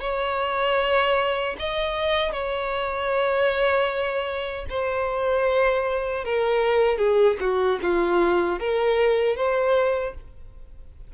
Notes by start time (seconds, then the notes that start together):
0.00 C#5
1.59 D#5
2.32 C#5
4.69 C5
6.24 A#4
6.97 G#4
7.40 F#4
7.82 F4
8.59 A#4
9.36 C5